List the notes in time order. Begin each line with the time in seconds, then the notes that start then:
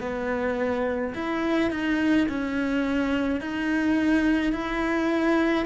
0.00 B3
1.15 E4
1.71 D#4
2.28 C#4
3.41 D#4
4.53 E4